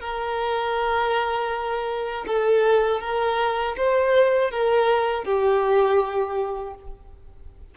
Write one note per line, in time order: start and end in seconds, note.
0.00 2.25 A#4
2.27 3.01 A4
3.01 3.76 A#4
3.77 4.51 C5
4.51 5.24 A#4
5.24 6.74 G4